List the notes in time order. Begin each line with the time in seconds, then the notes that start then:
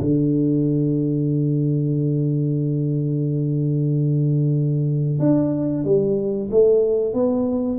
0.00 D3
5.19 D4
5.85 G3
6.51 A3
7.14 B3